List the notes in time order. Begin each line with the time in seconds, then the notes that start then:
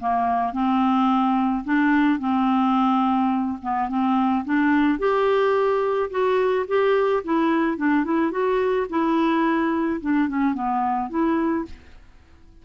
0.00 A#3
0.53 C4
1.64 D4
2.19 C4
3.62 B3
3.89 C4
4.45 D4
4.99 G4
6.11 F#4
6.68 G4
7.24 E4
7.77 D4
8.05 E4
8.31 F#4
8.90 E4
10.01 D4
10.29 C#4
10.54 B3
11.10 E4